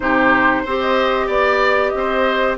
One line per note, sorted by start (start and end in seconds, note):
0.00 0.64 C3
0.00 0.65 D#4
0.00 0.62 G4
0.00 0.80 C5
0.62 1.28 C4
0.62 2.57 G4
0.62 1.26 C5
0.80 1.28 D#5
1.26 1.92 B3
1.26 1.91 D5
1.26 1.89 D5
1.89 2.57 C4
1.89 2.53 D#5
1.97 2.57 C5